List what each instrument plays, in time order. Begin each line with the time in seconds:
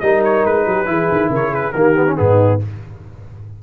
0.00 tuba G3, trombone D#4, horn A#4, trumpet D#5
0.24 trumpet C#5
0.45 tuba G#3, trumpet B4
0.66 tuba F#3, horn G4
0.85 tuba E3, trombone E4, horn G#4
1.11 tuba D#3
1.29 tuba C#3, horn A#4, trumpet C#5
1.51 horn G#4, trumpet B4
1.72 tuba D#3, trombone A#3, horn G4, trumpet A#4
1.95 trombone B3
2.06 trombone C#4
2.16 tuba G#2, trombone B3, horn D#4, trumpet G#4